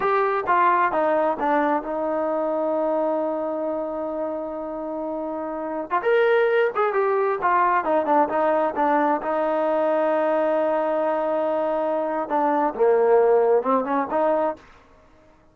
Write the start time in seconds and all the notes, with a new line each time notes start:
0.00 G4
0.47 F4
0.92 D#4
1.39 D4
1.82 D#4
5.90 F4
6.02 A#4
6.75 G#4
6.93 G4
7.41 F4
7.84 D#4
8.05 D4
8.29 D#4
8.75 D4
9.21 D#4
12.28 D4
12.74 A#3
13.62 C4
13.84 C#4
14.10 D#4